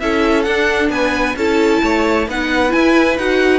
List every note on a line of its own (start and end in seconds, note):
0.00 0.47 C#4
0.00 0.47 E4
0.00 0.91 A4
0.00 0.43 E5
0.43 0.90 D4
0.43 1.37 D4
0.43 0.88 F#5
0.90 1.35 B3
0.90 1.36 B4
0.90 1.36 G#5
1.36 1.81 C#4
1.36 2.29 E4
1.36 1.83 A4
1.36 2.28 A5
1.83 2.28 A3
1.83 2.28 C#5
2.28 2.73 B3
2.28 2.69 D#4
2.28 3.59 B4
2.28 2.72 F#5
2.69 3.14 E4
2.69 3.18 E4
2.69 3.17 G#5
3.18 3.59 D#4
3.18 3.59 F#4
3.18 3.59 F#5